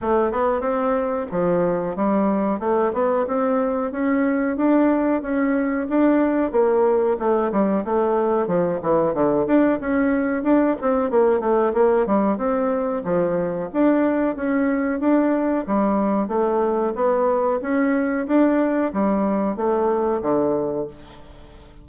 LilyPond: \new Staff \with { instrumentName = "bassoon" } { \time 4/4 \tempo 4 = 92 a8 b8 c'4 f4 g4 | a8 b8 c'4 cis'4 d'4 | cis'4 d'4 ais4 a8 g8 | a4 f8 e8 d8 d'8 cis'4 |
d'8 c'8 ais8 a8 ais8 g8 c'4 | f4 d'4 cis'4 d'4 | g4 a4 b4 cis'4 | d'4 g4 a4 d4 | }